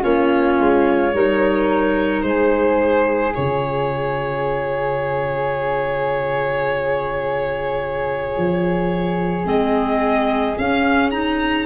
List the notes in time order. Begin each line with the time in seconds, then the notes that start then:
0.00 A#3 C#4 F4 C#5
0.60 G#3
1.14 G3 D#4 A#4
2.22 G#3 G#4 C5
3.34 C#3 F4 C#5
8.37 F3
9.45 G#3 C4 D#5
10.59 C#4 F5
11.11 D#4 A#5